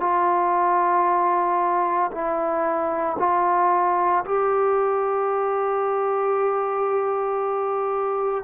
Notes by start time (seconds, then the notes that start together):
0.00 F4
2.11 E4
3.19 F4
4.24 G4